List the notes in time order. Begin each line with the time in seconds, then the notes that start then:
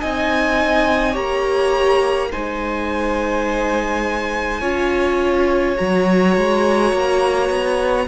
0.00 C4 D#4 D#5 G#5
1.13 A#3 G4 C#5 A#5
2.31 G#3 D#4 C5 G#5
4.61 C#4 F4 C#5
5.76 F#3 F#4 A#5
6.37 G#3
6.93 A#3
7.49 B3